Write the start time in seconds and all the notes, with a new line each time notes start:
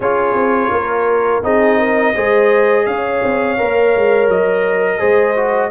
0.00 C#4 F4 G#4 C#5
0.34 C4
0.71 A#3 A#4
1.43 C4 D#4 G#4 D#5
1.78 A#4
2.14 G#3 G#4 C5
2.86 C#4 C#5 F5
3.22 C4
3.57 A#3 A#4
3.96 G#3
4.28 F#3 D#5
4.98 G#3 G#4 C5
5.35 F#4